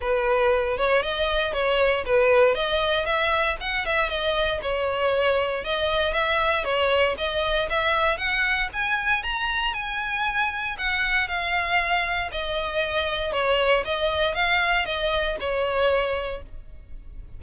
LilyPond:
\new Staff \with { instrumentName = "violin" } { \time 4/4 \tempo 4 = 117 b'4. cis''8 dis''4 cis''4 | b'4 dis''4 e''4 fis''8 e''8 | dis''4 cis''2 dis''4 | e''4 cis''4 dis''4 e''4 |
fis''4 gis''4 ais''4 gis''4~ | gis''4 fis''4 f''2 | dis''2 cis''4 dis''4 | f''4 dis''4 cis''2 | }